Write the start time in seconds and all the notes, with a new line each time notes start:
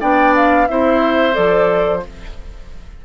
0.00 B3 D4 D5 G5
0.35 F5
0.68 C4 E4 C5 E5
1.32 F3 A4 D5